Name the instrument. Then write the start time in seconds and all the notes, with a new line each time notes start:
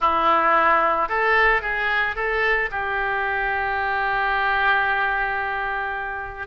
oboe
0.00 E4
1.08 A4
1.61 G#4
2.15 A4
2.71 G4